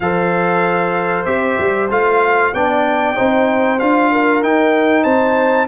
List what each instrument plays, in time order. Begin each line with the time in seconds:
0.00 tuba F3, trombone A4, horn C5, trumpet F5
1.25 tuba C4, trombone G4, trumpet E5
1.58 tuba G3
1.89 tuba A3, trombone F4, trumpet F5
2.53 tuba B3, trombone D4, horn D5, trumpet G5
3.14 tuba C4, trombone D#4, horn C5
3.79 tuba D4, trombone F4, trumpet F5
4.11 horn A#4
4.42 trombone D#4, tuba D#4, trumpet G5
5.03 tuba C4, horn C5, trumpet A5